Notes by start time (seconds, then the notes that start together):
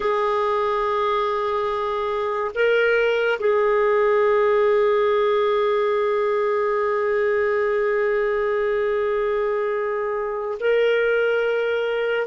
0.00 G#4
2.54 A#4
3.39 G#4
10.59 A#4